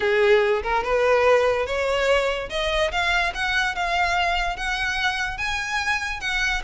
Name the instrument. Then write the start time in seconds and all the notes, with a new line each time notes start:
violin
0.00 G#4
0.62 A#4
0.83 B4
1.66 C#5
2.49 D#5
2.91 F5
3.34 F#5
3.75 F5
4.56 F#5
5.37 G#5
6.20 F#5